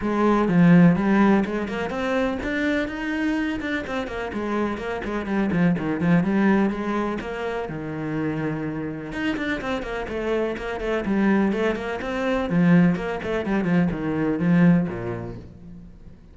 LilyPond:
\new Staff \with { instrumentName = "cello" } { \time 4/4 \tempo 4 = 125 gis4 f4 g4 gis8 ais8 | c'4 d'4 dis'4. d'8 | c'8 ais8 gis4 ais8 gis8 g8 f8 | dis8 f8 g4 gis4 ais4 |
dis2. dis'8 d'8 | c'8 ais8 a4 ais8 a8 g4 | a8 ais8 c'4 f4 ais8 a8 | g8 f8 dis4 f4 ais,4 | }